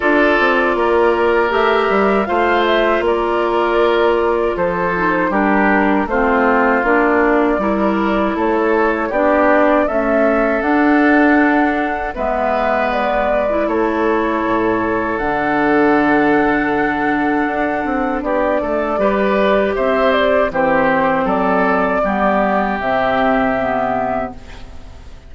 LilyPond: <<
  \new Staff \with { instrumentName = "flute" } { \time 4/4 \tempo 4 = 79 d''2 e''4 f''8 e''8 | d''2 c''4 ais'4 | c''4 d''2 cis''4 | d''4 e''4 fis''2 |
e''4 d''4 cis''2 | fis''1 | d''2 e''8 d''8 c''4 | d''2 e''2 | }
  \new Staff \with { instrumentName = "oboe" } { \time 4/4 a'4 ais'2 c''4 | ais'2 a'4 g'4 | f'2 ais'4 a'4 | g'4 a'2. |
b'2 a'2~ | a'1 | g'8 a'8 b'4 c''4 g'4 | a'4 g'2. | }
  \new Staff \with { instrumentName = "clarinet" } { \time 4/4 f'2 g'4 f'4~ | f'2~ f'8 dis'8 d'4 | c'4 d'4 e'2 | d'4 a4 d'2 |
b4.~ b16 e'2~ e'16 | d'1~ | d'4 g'2 c'4~ | c'4 b4 c'4 b4 | }
  \new Staff \with { instrumentName = "bassoon" } { \time 4/4 d'8 c'8 ais4 a8 g8 a4 | ais2 f4 g4 | a4 ais4 g4 a4 | b4 cis'4 d'2 |
gis2 a4 a,4 | d2. d'8 c'8 | b8 a8 g4 c'4 e4 | fis4 g4 c2 | }
>>